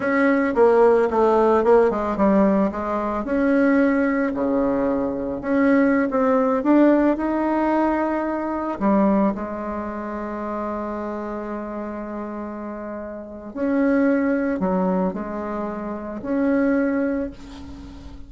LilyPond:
\new Staff \with { instrumentName = "bassoon" } { \time 4/4 \tempo 4 = 111 cis'4 ais4 a4 ais8 gis8 | g4 gis4 cis'2 | cis2 cis'4~ cis'16 c'8.~ | c'16 d'4 dis'2~ dis'8.~ |
dis'16 g4 gis2~ gis8.~ | gis1~ | gis4 cis'2 fis4 | gis2 cis'2 | }